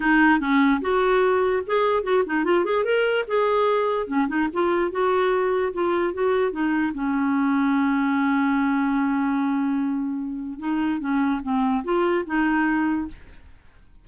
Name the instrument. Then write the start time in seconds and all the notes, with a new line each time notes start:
clarinet
0.00 D#4
0.40 C#4
0.81 F#4
1.66 G#4
2.03 F#4
2.25 D#4
2.44 F4
2.65 G#4
2.84 A#4
3.27 G#4
4.07 C#4
4.28 D#4
4.53 F4
4.91 F#4
5.73 F4
6.13 F#4
6.51 D#4
6.94 C#4
10.59 D#4
11.00 C#4
11.42 C4
11.83 F4
12.26 D#4